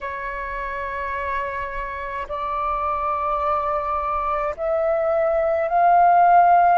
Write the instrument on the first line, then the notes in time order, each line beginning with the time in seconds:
flute
0.01 C#5
2.28 D5
4.56 E5
5.68 F5